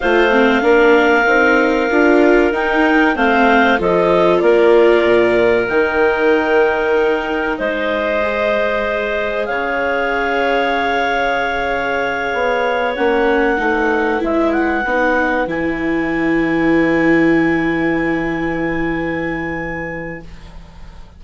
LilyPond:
<<
  \new Staff \with { instrumentName = "clarinet" } { \time 4/4 \tempo 4 = 95 f''1 | g''4 f''4 dis''4 d''4~ | d''4 g''2. | dis''2. f''4~ |
f''1~ | f''8 fis''2 e''8 fis''4~ | fis''8 gis''2.~ gis''8~ | gis''1 | }
  \new Staff \with { instrumentName = "clarinet" } { \time 4/4 c''4 ais'2.~ | ais'4 c''4 a'4 ais'4~ | ais'1 | c''2. cis''4~ |
cis''1~ | cis''4. b'2~ b'8~ | b'1~ | b'1 | }
  \new Staff \with { instrumentName = "viola" } { \time 4/4 f'8 c'8 d'4 dis'4 f'4 | dis'4 c'4 f'2~ | f'4 dis'2.~ | dis'4 gis'2.~ |
gis'1~ | gis'8 cis'4 dis'4 e'4 dis'8~ | dis'8 e'2.~ e'8~ | e'1 | }
  \new Staff \with { instrumentName = "bassoon" } { \time 4/4 a4 ais4 c'4 d'4 | dis'4 a4 f4 ais4 | ais,4 dis2. | gis2. cis4~ |
cis2.~ cis8 b8~ | b8 ais4 a4 gis4 b8~ | b8 e2.~ e8~ | e1 | }
>>